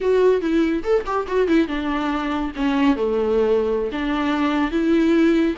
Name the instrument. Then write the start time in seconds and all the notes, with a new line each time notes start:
viola
0.01 F#4
0.41 E4
0.83 A4
1.06 G4
1.27 F#4
1.47 E4
1.67 D4
2.56 C#4
2.96 A3
3.91 D4
4.71 E4